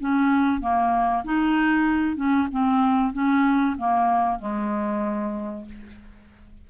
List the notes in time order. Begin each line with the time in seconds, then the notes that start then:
0.00 C#4
0.61 A#3
1.25 D#4
2.16 C#4
2.52 C4
3.13 C#4
3.78 A#3
4.40 G#3